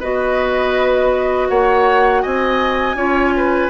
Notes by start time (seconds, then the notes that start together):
0.00 B3 F#4 B4 D#5
1.49 A#3 C#5 F#5
2.22 C4 D#5 G#5
2.95 C#4 F4 C#5
3.37 B4